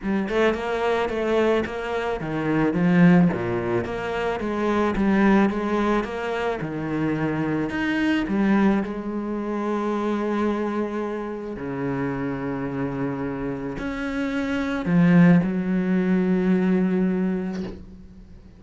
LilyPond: \new Staff \with { instrumentName = "cello" } { \time 4/4 \tempo 4 = 109 g8 a8 ais4 a4 ais4 | dis4 f4 ais,4 ais4 | gis4 g4 gis4 ais4 | dis2 dis'4 g4 |
gis1~ | gis4 cis2.~ | cis4 cis'2 f4 | fis1 | }